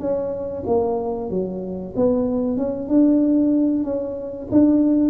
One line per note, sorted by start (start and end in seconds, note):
0.00 0.64 C#4
0.67 1.30 A#3
1.30 1.94 F#3
1.96 2.58 B3
2.58 2.89 C#4
2.89 3.84 D4
3.84 4.48 C#4
4.52 5.10 D4